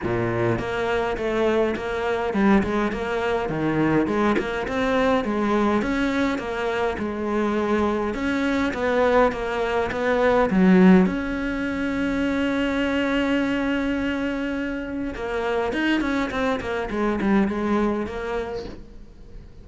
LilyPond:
\new Staff \with { instrumentName = "cello" } { \time 4/4 \tempo 4 = 103 ais,4 ais4 a4 ais4 | g8 gis8 ais4 dis4 gis8 ais8 | c'4 gis4 cis'4 ais4 | gis2 cis'4 b4 |
ais4 b4 fis4 cis'4~ | cis'1~ | cis'2 ais4 dis'8 cis'8 | c'8 ais8 gis8 g8 gis4 ais4 | }